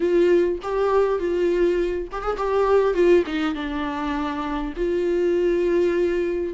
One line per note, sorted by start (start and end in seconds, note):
0.00 0.58 F4
0.62 1.19 G4
1.19 2.08 F4
2.12 2.21 G4
2.21 2.36 G#4
2.37 2.94 G4
2.94 3.23 F4
3.26 3.55 D#4
3.55 4.73 D4
4.76 6.53 F4